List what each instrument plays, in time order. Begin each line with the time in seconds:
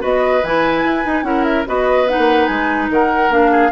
0.00 bassoon B3, clarinet F#4, oboe B4, flute D#5
0.43 bassoon E3, clarinet E4, flute G#5
0.85 bassoon E4
1.05 bassoon D#4, clarinet D#4
1.23 bassoon C#4, clarinet E4, oboe A#4, flute F#5
1.44 flute E5
1.66 bassoon B3, clarinet F#4, oboe B4, flute D#5
2.09 clarinet D#4, flute F#5
2.18 bassoon A#3
2.46 bassoon G#3, flute G#5
2.90 bassoon D#3, oboe A#4, flute F#5
3.29 bassoon A#3, clarinet D4, flute F5
3.51 oboe G#4